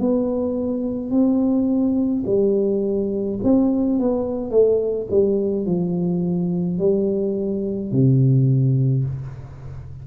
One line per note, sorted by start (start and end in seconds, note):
0.00 1.11 B3
1.11 2.24 C4
2.26 3.40 G3
3.44 3.99 C4
3.99 4.51 B3
4.51 5.07 A3
5.11 5.66 G3
5.66 6.79 F3
6.79 7.91 G3
7.91 9.05 C3